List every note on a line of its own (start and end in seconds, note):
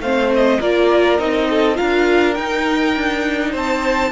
0.00 0.59 A3
0.00 0.62 C4
0.00 0.61 C5
0.00 0.31 F5
0.35 0.61 D#5
0.61 1.19 A#3
0.61 1.19 F4
0.61 1.49 A#4
0.61 1.20 D5
1.19 1.78 C4
1.19 1.75 D#4
1.19 1.77 D#5
1.50 1.78 A4
1.75 2.34 F4
1.75 3.51 A#4
1.75 2.35 F5
1.81 2.39 D4
2.35 4.12 D#4
2.35 2.96 D#4
2.35 3.52 G5
2.96 3.55 D4
3.51 4.12 C4
3.51 4.10 C5
3.51 4.12 A5